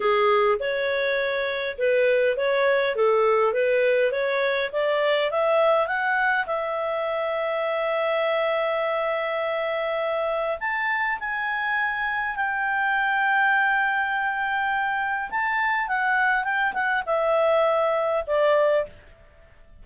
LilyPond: \new Staff \with { instrumentName = "clarinet" } { \time 4/4 \tempo 4 = 102 gis'4 cis''2 b'4 | cis''4 a'4 b'4 cis''4 | d''4 e''4 fis''4 e''4~ | e''1~ |
e''2 a''4 gis''4~ | gis''4 g''2.~ | g''2 a''4 fis''4 | g''8 fis''8 e''2 d''4 | }